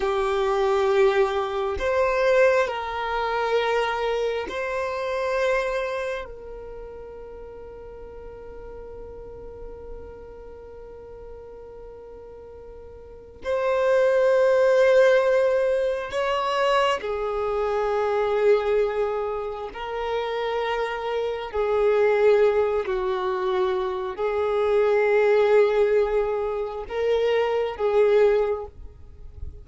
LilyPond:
\new Staff \with { instrumentName = "violin" } { \time 4/4 \tempo 4 = 67 g'2 c''4 ais'4~ | ais'4 c''2 ais'4~ | ais'1~ | ais'2. c''4~ |
c''2 cis''4 gis'4~ | gis'2 ais'2 | gis'4. fis'4. gis'4~ | gis'2 ais'4 gis'4 | }